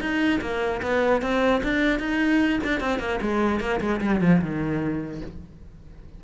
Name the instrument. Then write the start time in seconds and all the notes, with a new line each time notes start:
cello
0.00 D#4
0.41 A#3
0.82 B3
1.22 C4
1.63 D4
1.99 D#4
2.63 D4
2.80 C4
2.99 A#3
3.21 G#3
3.60 A#3
3.81 G#3
4.01 G3
4.21 F3
4.41 D#3